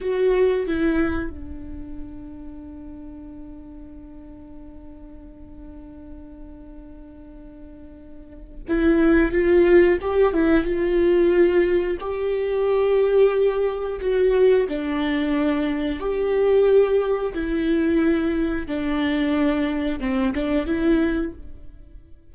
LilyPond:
\new Staff \with { instrumentName = "viola" } { \time 4/4 \tempo 4 = 90 fis'4 e'4 d'2~ | d'1~ | d'1~ | d'4 e'4 f'4 g'8 e'8 |
f'2 g'2~ | g'4 fis'4 d'2 | g'2 e'2 | d'2 c'8 d'8 e'4 | }